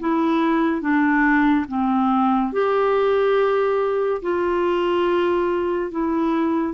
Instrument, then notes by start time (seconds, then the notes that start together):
clarinet
0.00 E4
0.81 D4
1.68 C4
2.53 G4
4.23 F4
5.92 E4